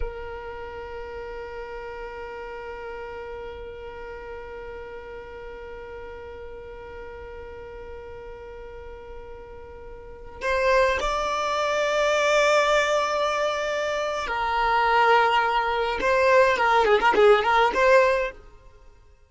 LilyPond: \new Staff \with { instrumentName = "violin" } { \time 4/4 \tempo 4 = 105 ais'1~ | ais'1~ | ais'1~ | ais'1~ |
ais'2~ ais'16 c''4 d''8.~ | d''1~ | d''4 ais'2. | c''4 ais'8 gis'16 ais'16 gis'8 ais'8 c''4 | }